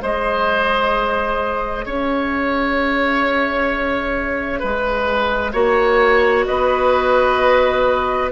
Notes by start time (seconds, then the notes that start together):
0.00 G#3 G#4 C5 D#5
1.86 C#4 C#5 E5
4.60 G#3 B4
5.53 A#3 F#4 C#5
6.46 B3 B4 D#5